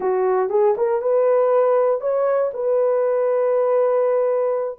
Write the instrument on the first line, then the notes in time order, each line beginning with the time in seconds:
horn
0.00 F#4
0.49 G#4
0.77 A#4
1.01 B4
2.00 C#5
2.53 B4